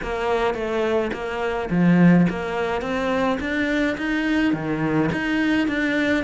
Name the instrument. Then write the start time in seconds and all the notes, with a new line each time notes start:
cello
0.03 A#3
0.54 A3
1.12 A#3
1.70 F3
2.29 A#3
2.81 C4
3.40 D4
3.97 D#4
4.53 D#3
5.12 D#4
5.67 D4